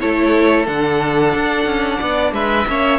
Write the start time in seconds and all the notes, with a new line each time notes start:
0.00 A3 E4 A4 C#5
0.66 D3 D4 F#5
1.35 D4
1.65 C#4
1.99 B3 D5
2.32 G#3 B4 E5
2.67 A#3 C#4 C#5